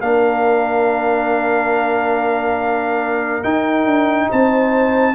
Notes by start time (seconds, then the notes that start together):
0.00 A#3 D4 A#4 F5
3.43 D#4 G5
3.85 D4
4.29 C4 C5 A5